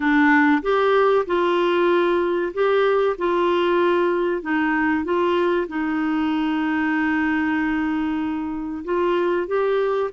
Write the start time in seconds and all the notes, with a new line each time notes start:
0.00 D4
0.62 G4
1.26 F4
2.53 G4
3.18 F4
4.42 D#4
5.04 F4
5.68 D#4
8.84 F4
9.47 G4